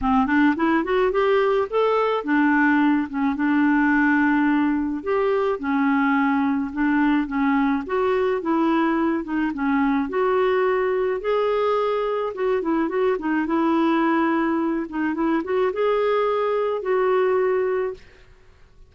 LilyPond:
\new Staff \with { instrumentName = "clarinet" } { \time 4/4 \tempo 4 = 107 c'8 d'8 e'8 fis'8 g'4 a'4 | d'4. cis'8 d'2~ | d'4 g'4 cis'2 | d'4 cis'4 fis'4 e'4~ |
e'8 dis'8 cis'4 fis'2 | gis'2 fis'8 e'8 fis'8 dis'8 | e'2~ e'8 dis'8 e'8 fis'8 | gis'2 fis'2 | }